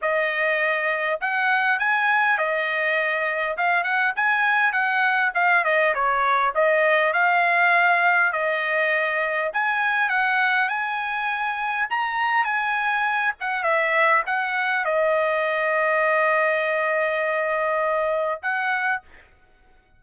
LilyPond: \new Staff \with { instrumentName = "trumpet" } { \time 4/4 \tempo 4 = 101 dis''2 fis''4 gis''4 | dis''2 f''8 fis''8 gis''4 | fis''4 f''8 dis''8 cis''4 dis''4 | f''2 dis''2 |
gis''4 fis''4 gis''2 | ais''4 gis''4. fis''8 e''4 | fis''4 dis''2.~ | dis''2. fis''4 | }